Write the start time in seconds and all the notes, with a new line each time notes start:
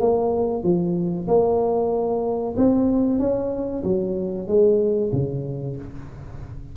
0.00 A#3
0.64 F3
1.28 A#3
2.57 C4
3.19 C#4
3.84 F#3
4.47 G#3
5.13 C#3